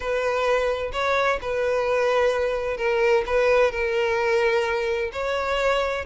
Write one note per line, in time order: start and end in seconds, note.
0.00 0.91 B4
0.92 1.39 C#5
1.41 2.77 B4
2.77 3.23 A#4
3.26 3.71 B4
3.71 5.11 A#4
5.12 6.05 C#5